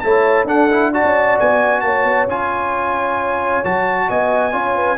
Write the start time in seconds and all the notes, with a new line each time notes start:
0.00 A3 E4 C#5 A5
0.44 D4 A4 F#5
0.71 E4
0.93 F#4 D5 A5
1.04 C#4
1.39 B3 G#5
1.81 A#3 C#5 A5
2.04 B3
2.27 C#4 F4 G#5
3.64 F#3 F#4 A5
4.08 B3 D#5 G#5
4.52 C#4 F4 C#5
4.75 B4